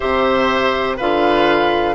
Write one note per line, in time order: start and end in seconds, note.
0.00 1.00 C3
0.00 0.98 G4
0.00 0.96 C5
0.00 0.96 E5
0.96 1.95 D3
0.96 1.95 F4
0.96 1.95 B4
0.96 1.95 F5